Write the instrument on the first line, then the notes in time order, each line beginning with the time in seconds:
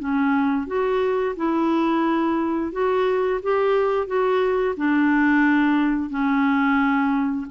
clarinet
0.00 C#4
0.68 F#4
1.37 E4
2.72 F#4
3.43 G4
4.07 F#4
4.77 D4
6.10 C#4